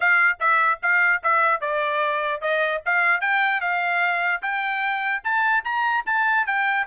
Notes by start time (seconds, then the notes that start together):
0.00 F5
0.40 E5
0.82 F5
1.23 E5
1.60 D5
2.41 D#5
2.85 F5
3.20 G5
3.60 F5
4.41 G5
5.23 A5
5.64 A#5
6.06 A5
6.46 G5